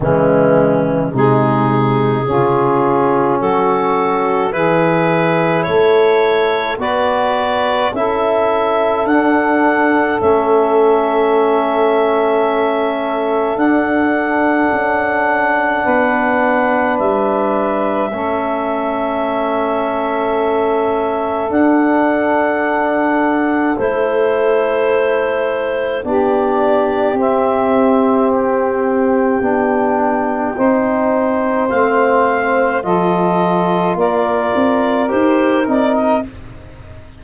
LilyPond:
<<
  \new Staff \with { instrumentName = "clarinet" } { \time 4/4 \tempo 4 = 53 cis'4 gis'2 a'4 | b'4 cis''4 d''4 e''4 | fis''4 e''2. | fis''2. e''4~ |
e''2. fis''4~ | fis''4 c''2 d''4 | e''4 g''2. | f''4 dis''4 d''4 c''8 d''16 dis''16 | }
  \new Staff \with { instrumentName = "saxophone" } { \time 4/4 gis4 dis'4 f'4 fis'4 | gis'4 a'4 b'4 a'4~ | a'1~ | a'2 b'2 |
a'1~ | a'2. g'4~ | g'2. c''4~ | c''4 a'4 ais'2 | }
  \new Staff \with { instrumentName = "trombone" } { \time 4/4 e4 gis4 cis'2 | e'2 fis'4 e'4 | d'4 cis'2. | d'1 |
cis'2. d'4~ | d'4 e'2 d'4 | c'2 d'4 dis'4 | c'4 f'2 g'8 dis'8 | }
  \new Staff \with { instrumentName = "tuba" } { \time 4/4 cis4 c4 cis4 fis4 | e4 a4 b4 cis'4 | d'4 a2. | d'4 cis'4 b4 g4 |
a2. d'4~ | d'4 a2 b4 | c'2 b4 c'4 | a4 f4 ais8 c'8 dis'8 c'8 | }
>>